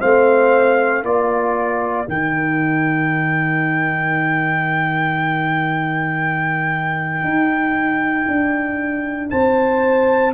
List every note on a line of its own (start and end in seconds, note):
0.00 1.03 A3
0.00 1.03 C4
0.00 1.03 C5
0.00 1.05 F5
1.03 2.07 A#3
1.03 2.06 F4
1.03 9.31 A#4
1.03 2.09 D5
2.06 7.24 D#3
2.06 10.34 D#4
2.06 9.31 G5
7.24 8.27 D#4
8.28 9.31 D4
9.31 10.34 C4
9.31 10.34 C5
9.31 10.34 A5